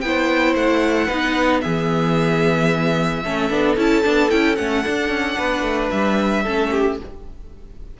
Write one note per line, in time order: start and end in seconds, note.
0.00 0.54 B3
0.00 1.09 E4
0.00 1.07 C5
0.00 0.54 G5
0.54 1.08 A3
0.54 1.60 F#5
1.07 1.63 B3
1.07 1.62 D#4
1.07 1.60 B4
1.60 3.24 E3
1.60 3.23 B3
1.60 3.23 G#4
1.60 3.75 E5
3.23 3.50 A3
3.23 3.50 C#4
3.23 5.37 A4
3.50 3.76 B3
3.50 3.76 D4
3.76 4.03 C#4
3.76 4.03 E4
3.76 4.30 A5
4.03 4.32 B3
4.03 4.29 D4
4.29 4.58 C#4
4.29 4.56 E4
4.29 4.55 G5
4.55 4.85 A3
4.55 4.84 C#4
4.55 5.89 F#5
4.84 6.44 D4
4.84 5.08 D4
5.08 5.35 C#4
5.37 5.61 B3
5.37 6.43 B4
5.61 5.88 A3
5.90 6.45 G3
5.90 6.97 E5
6.43 6.99 A3
6.43 6.98 C#4
6.43 6.69 A4
6.71 6.97 G4